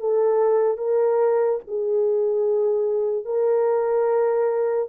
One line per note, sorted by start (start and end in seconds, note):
0.00 0.78 A4
0.78 1.60 A#4
1.67 3.25 G#4
3.25 4.89 A#4